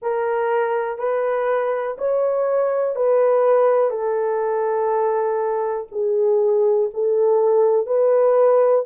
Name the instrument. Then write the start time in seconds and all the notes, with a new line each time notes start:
horn
0.02 A#4
0.98 B4
1.98 C#5
2.95 B4
3.90 A4
5.91 G#4
6.93 A4
7.86 B4